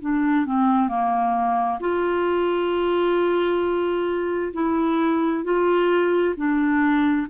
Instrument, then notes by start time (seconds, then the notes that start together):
clarinet
0.00 D4
0.45 C4
0.88 A#3
1.80 F4
4.53 E4
5.44 F4
6.36 D4